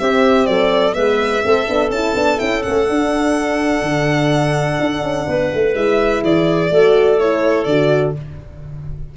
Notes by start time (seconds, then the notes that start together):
0.00 C4 G4 E5
0.46 F#3 A4 D5
0.93 G#3 B3 B4 E5
1.43 A3 C4 A4
1.68 B3 D4
1.90 C#4 E4 A5
2.14 B3 D4
2.38 C#4 E4 G5
2.62 A3 C#4 F#5
2.87 D4
3.82 D3
4.80 D4
5.03 C#4
5.27 B3 B4
5.54 A3
5.74 G#3 E4 E5
6.23 E3 G#4 D5
6.70 A3 F#4 A4
7.19 E4 C#5
7.65 D3 F#4 D5